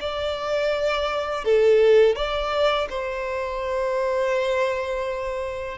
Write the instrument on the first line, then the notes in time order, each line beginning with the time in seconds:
violin
0.00 D5
1.44 A4
2.15 D5
2.89 C5